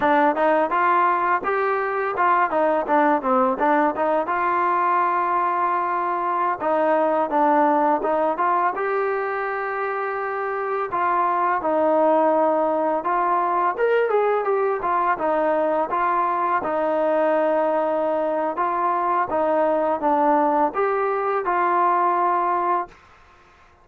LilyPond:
\new Staff \with { instrumentName = "trombone" } { \time 4/4 \tempo 4 = 84 d'8 dis'8 f'4 g'4 f'8 dis'8 | d'8 c'8 d'8 dis'8 f'2~ | f'4~ f'16 dis'4 d'4 dis'8 f'16~ | f'16 g'2. f'8.~ |
f'16 dis'2 f'4 ais'8 gis'16~ | gis'16 g'8 f'8 dis'4 f'4 dis'8.~ | dis'2 f'4 dis'4 | d'4 g'4 f'2 | }